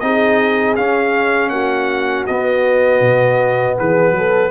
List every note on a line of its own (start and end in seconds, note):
0.00 0.77 C4
0.00 0.78 D#4
0.00 1.52 G#4
0.00 0.75 D#5
0.76 1.50 C#4
0.76 2.28 C#4
0.76 1.49 F5
1.49 2.25 A#3
1.49 3.77 F#4
1.49 2.24 F#5
2.26 3.00 B3
2.26 4.50 B3
2.26 3.76 D#5
3.00 3.75 B2
3.77 4.11 E3
3.77 4.15 G#4
3.77 4.50 B4
4.11 4.49 F#3
4.11 4.50 A4